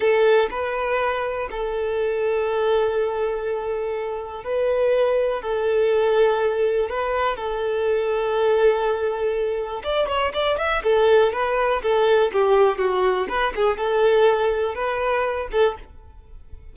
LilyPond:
\new Staff \with { instrumentName = "violin" } { \time 4/4 \tempo 4 = 122 a'4 b'2 a'4~ | a'1~ | a'4 b'2 a'4~ | a'2 b'4 a'4~ |
a'1 | d''8 cis''8 d''8 e''8 a'4 b'4 | a'4 g'4 fis'4 b'8 gis'8 | a'2 b'4. a'8 | }